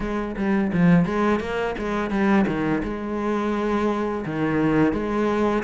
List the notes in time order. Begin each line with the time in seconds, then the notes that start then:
0.00 G#3
0.36 G3
0.73 F3
1.05 G#3
1.40 A#3
1.78 G#3
2.10 G3
2.47 D#3
2.83 G#3
4.25 D#3
4.92 G#3